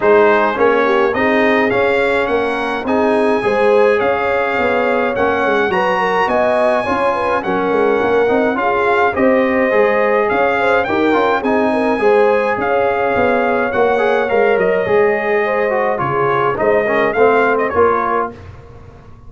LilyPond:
<<
  \new Staff \with { instrumentName = "trumpet" } { \time 4/4 \tempo 4 = 105 c''4 cis''4 dis''4 f''4 | fis''4 gis''2 f''4~ | f''4 fis''4 ais''4 gis''4~ | gis''4 fis''2 f''4 |
dis''2 f''4 g''4 | gis''2 f''2 | fis''4 f''8 dis''2~ dis''8 | cis''4 dis''4 f''8. dis''16 cis''4 | }
  \new Staff \with { instrumentName = "horn" } { \time 4/4 gis'4. g'8 gis'2 | ais'4 gis'4 c''4 cis''4~ | cis''2 b'8 ais'8 dis''4 | cis''8 b'8 ais'2 gis'4 |
c''2 cis''8 c''8 ais'4 | gis'8 ais'8 c''4 cis''2~ | cis''2. c''4 | gis'4 c''8 ais'8 c''4 ais'4 | }
  \new Staff \with { instrumentName = "trombone" } { \time 4/4 dis'4 cis'4 dis'4 cis'4~ | cis'4 dis'4 gis'2~ | gis'4 cis'4 fis'2 | f'4 cis'4. dis'8 f'4 |
g'4 gis'2 g'8 f'8 | dis'4 gis'2. | fis'8 gis'8 ais'4 gis'4. fis'8 | f'4 dis'8 cis'8 c'4 f'4 | }
  \new Staff \with { instrumentName = "tuba" } { \time 4/4 gis4 ais4 c'4 cis'4 | ais4 c'4 gis4 cis'4 | b4 ais8 gis8 fis4 b4 | cis'4 fis8 gis8 ais8 c'8 cis'4 |
c'4 gis4 cis'4 dis'8 cis'8 | c'4 gis4 cis'4 b4 | ais4 gis8 fis8 gis2 | cis4 gis4 a4 ais4 | }
>>